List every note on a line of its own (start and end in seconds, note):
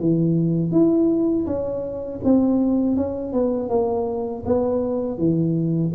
0.00 0.72 E3
0.72 1.46 E4
1.46 2.21 C#4
2.24 2.96 C4
2.96 3.33 C#4
3.33 3.69 B3
3.69 4.43 A#3
4.45 5.18 B3
5.18 5.92 E3